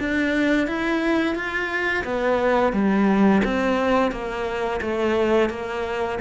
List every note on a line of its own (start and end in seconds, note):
0.00 0.68 D4
0.68 1.36 E4
1.36 2.05 F4
2.05 2.73 B3
2.73 3.42 G3
3.45 4.12 C4
4.12 4.81 A#3
4.82 5.50 A3
5.50 6.19 A#3